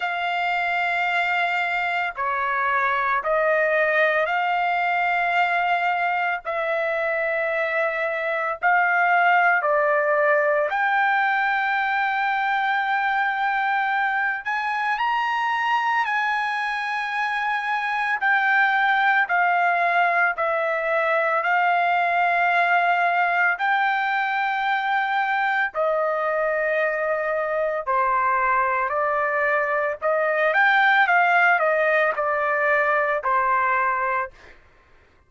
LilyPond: \new Staff \with { instrumentName = "trumpet" } { \time 4/4 \tempo 4 = 56 f''2 cis''4 dis''4 | f''2 e''2 | f''4 d''4 g''2~ | g''4. gis''8 ais''4 gis''4~ |
gis''4 g''4 f''4 e''4 | f''2 g''2 | dis''2 c''4 d''4 | dis''8 g''8 f''8 dis''8 d''4 c''4 | }